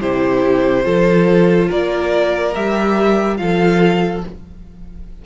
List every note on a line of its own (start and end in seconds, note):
0.00 0.85 C3
0.00 0.83 E4
0.00 0.85 G4
0.00 1.69 C5
0.83 1.70 F3
0.83 2.52 F4
0.83 1.68 A4
1.68 2.55 A#3
1.68 3.37 A#4
1.68 2.54 D5
2.54 3.39 G3
2.54 3.37 G4
2.54 3.37 E5
3.37 4.23 F3
3.37 4.21 F4
3.37 4.25 A4
3.37 4.21 F5